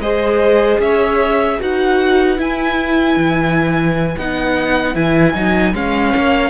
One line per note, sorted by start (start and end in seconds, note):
0.00 0.79 G#3
0.00 1.60 G#4
0.00 0.82 C5
0.00 0.80 D#5
0.80 1.59 C#4
0.80 1.60 C#5
0.80 1.61 E5
1.60 2.39 D#4
1.60 2.37 F#4
1.60 6.14 B4
1.60 2.41 F#5
2.37 4.15 E4
2.37 3.17 E4
2.37 4.18 G#5
3.17 4.16 E3
4.18 4.95 B3
4.18 4.95 D#4
4.18 4.96 F#5
4.95 5.34 E3
4.95 5.34 E4
4.95 5.75 G#5
5.34 5.74 F#3
5.34 5.74 D#4
5.74 6.13 G#3
5.74 6.51 C#4
5.74 6.51 F5
6.14 6.51 A#3
6.14 6.51 C#5